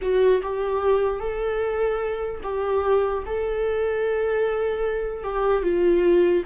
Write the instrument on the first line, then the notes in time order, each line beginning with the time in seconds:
viola
0.01 F#4
0.42 G4
1.20 A4
2.43 G4
3.25 A4
5.23 G4
5.62 F4